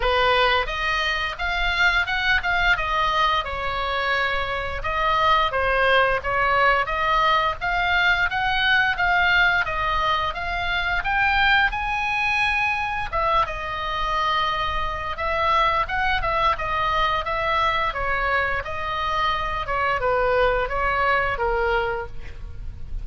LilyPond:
\new Staff \with { instrumentName = "oboe" } { \time 4/4 \tempo 4 = 87 b'4 dis''4 f''4 fis''8 f''8 | dis''4 cis''2 dis''4 | c''4 cis''4 dis''4 f''4 | fis''4 f''4 dis''4 f''4 |
g''4 gis''2 e''8 dis''8~ | dis''2 e''4 fis''8 e''8 | dis''4 e''4 cis''4 dis''4~ | dis''8 cis''8 b'4 cis''4 ais'4 | }